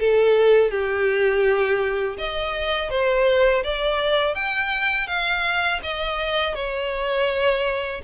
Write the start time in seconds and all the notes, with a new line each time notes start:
0.00 A4
0.71 G4
2.18 D#5
2.90 C5
3.64 D5
4.35 G5
5.07 F5
5.83 D#5
6.55 C#5